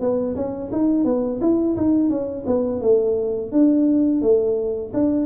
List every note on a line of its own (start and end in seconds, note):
0.00 0.35 B3
0.36 0.71 C#4
0.72 1.05 D#4
1.05 1.40 B3
1.41 1.76 E4
1.76 2.10 D#4
2.10 2.45 C#4
2.46 2.81 B3
2.81 3.52 A3
3.52 4.22 D4
4.22 4.92 A3
4.94 5.26 D4